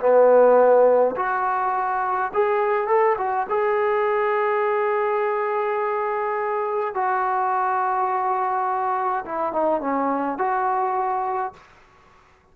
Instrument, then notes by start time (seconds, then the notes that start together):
trombone
0.00 B3
1.16 F#4
2.34 G#4
2.88 A4
3.18 F#4
3.49 G#4
6.94 F#4
9.25 E4
9.53 D#4
9.81 C#4
10.38 F#4